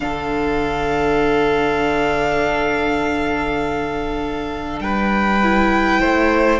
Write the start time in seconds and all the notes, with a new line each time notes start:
0.00 D3 D4 A4 F5
4.79 G3 B4 G5
5.42 E4
6.00 A3 C5